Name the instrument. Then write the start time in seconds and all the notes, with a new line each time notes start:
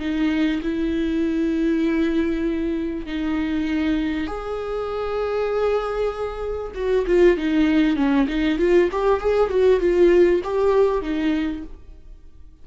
viola
0.00 D#4
0.62 E4
3.06 D#4
4.27 G#4
6.75 F#4
7.07 F4
7.37 D#4
7.96 C#4
8.28 D#4
8.59 F4
8.92 G4
9.20 G#4
9.50 F#4
9.80 F4
10.44 G4
11.02 D#4